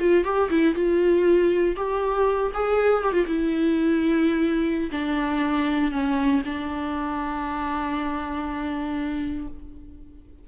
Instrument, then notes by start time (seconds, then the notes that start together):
viola
0.00 F4
0.24 G4
0.50 E4
0.75 F4
1.76 G4
2.54 G#4
3.03 G4
3.13 F4
3.26 E4
4.91 D4
5.91 C#4
6.45 D4